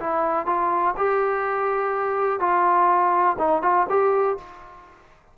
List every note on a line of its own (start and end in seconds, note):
0.00 0.47 E4
0.47 0.95 F4
0.97 2.40 G4
2.40 3.37 F4
3.39 3.63 D#4
3.63 3.87 F4
3.90 4.38 G4